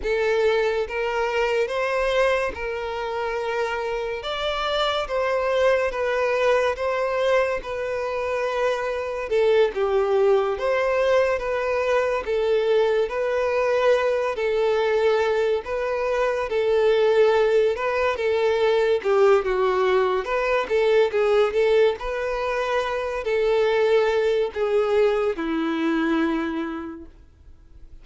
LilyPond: \new Staff \with { instrumentName = "violin" } { \time 4/4 \tempo 4 = 71 a'4 ais'4 c''4 ais'4~ | ais'4 d''4 c''4 b'4 | c''4 b'2 a'8 g'8~ | g'8 c''4 b'4 a'4 b'8~ |
b'4 a'4. b'4 a'8~ | a'4 b'8 a'4 g'8 fis'4 | b'8 a'8 gis'8 a'8 b'4. a'8~ | a'4 gis'4 e'2 | }